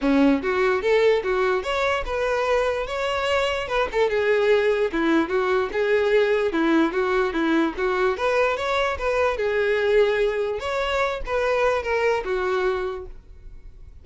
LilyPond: \new Staff \with { instrumentName = "violin" } { \time 4/4 \tempo 4 = 147 cis'4 fis'4 a'4 fis'4 | cis''4 b'2 cis''4~ | cis''4 b'8 a'8 gis'2 | e'4 fis'4 gis'2 |
e'4 fis'4 e'4 fis'4 | b'4 cis''4 b'4 gis'4~ | gis'2 cis''4. b'8~ | b'4 ais'4 fis'2 | }